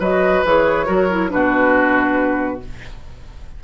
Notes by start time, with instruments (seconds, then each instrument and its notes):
0.00 bassoon F#3, clarinet F#4, oboe B4, flute D#5
0.45 bassoon E3, clarinet G#4, flute C#5
0.86 bassoon F#3, clarinet F#4, oboe A#4
1.11 clarinet E4
1.30 bassoon B2, clarinet D4, oboe F#4, flute B4